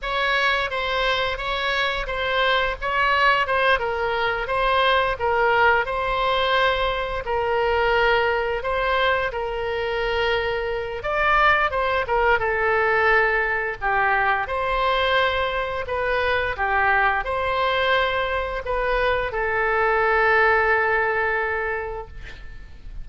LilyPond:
\new Staff \with { instrumentName = "oboe" } { \time 4/4 \tempo 4 = 87 cis''4 c''4 cis''4 c''4 | cis''4 c''8 ais'4 c''4 ais'8~ | ais'8 c''2 ais'4.~ | ais'8 c''4 ais'2~ ais'8 |
d''4 c''8 ais'8 a'2 | g'4 c''2 b'4 | g'4 c''2 b'4 | a'1 | }